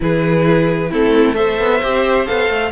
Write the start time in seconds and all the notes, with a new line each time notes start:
0.00 E3 E4 G#4 B4
0.90 A3 C4 E4 A4
1.35 A4 C5 E5
1.58 B3
1.82 C4 G4
2.26 B3 A4 F5
2.48 A3